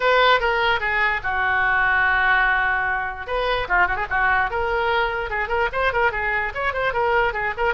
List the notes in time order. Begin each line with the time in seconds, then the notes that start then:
0.00 B4
0.40 A#4
0.79 G#4
1.23 F#4
3.26 B4
3.68 F4
3.87 F#4
3.96 G#4
4.10 F#4
4.50 A#4
5.30 G#4
5.48 A#4
5.72 C5
5.92 A#4
6.11 G#4
6.54 C#5
6.73 C5
6.93 A#4
7.33 G#4
7.57 A#4